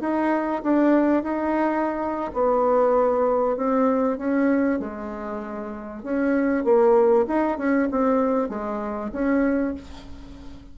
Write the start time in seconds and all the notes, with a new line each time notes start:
0.00 D#4
0.63 D4
1.23 D#4
2.33 B3
3.57 C4
4.18 C#4
4.79 G#3
6.03 C#4
6.64 A#3
7.27 D#4
7.57 C#4
7.91 C4
8.49 G#3
9.12 C#4